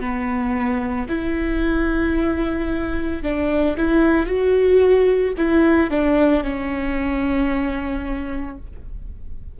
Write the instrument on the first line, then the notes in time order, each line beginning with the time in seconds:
viola
0.00 B3
1.09 E4
3.23 D4
3.77 E4
4.27 F#4
5.37 E4
5.90 D4
6.43 C#4